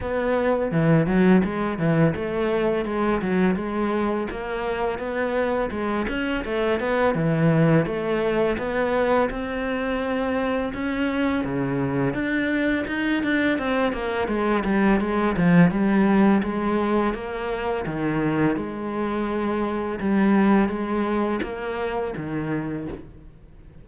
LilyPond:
\new Staff \with { instrumentName = "cello" } { \time 4/4 \tempo 4 = 84 b4 e8 fis8 gis8 e8 a4 | gis8 fis8 gis4 ais4 b4 | gis8 cis'8 a8 b8 e4 a4 | b4 c'2 cis'4 |
cis4 d'4 dis'8 d'8 c'8 ais8 | gis8 g8 gis8 f8 g4 gis4 | ais4 dis4 gis2 | g4 gis4 ais4 dis4 | }